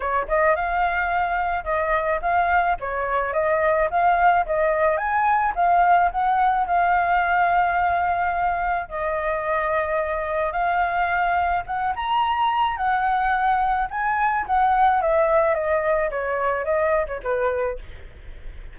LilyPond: \new Staff \with { instrumentName = "flute" } { \time 4/4 \tempo 4 = 108 cis''8 dis''8 f''2 dis''4 | f''4 cis''4 dis''4 f''4 | dis''4 gis''4 f''4 fis''4 | f''1 |
dis''2. f''4~ | f''4 fis''8 ais''4. fis''4~ | fis''4 gis''4 fis''4 e''4 | dis''4 cis''4 dis''8. cis''16 b'4 | }